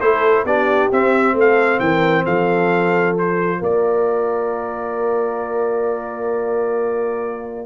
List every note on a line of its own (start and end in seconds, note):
0.00 0.45 A3
0.00 0.47 E4
0.00 0.45 A4
0.00 0.45 C5
0.45 0.90 B3
0.45 0.92 D4
0.45 1.35 G4
0.45 0.91 D5
0.92 1.34 C4
0.92 3.16 C4
0.92 1.38 E5
1.34 1.79 A3
1.34 1.81 A4
1.40 1.80 F5
1.80 2.25 E3
1.80 2.24 A#4
1.80 2.25 G5
2.24 3.61 F3
2.24 3.59 A4
2.24 3.16 F5
3.16 7.66 F4
3.16 3.63 C5
3.59 7.66 A#3
3.59 7.65 A#4
3.59 7.66 D5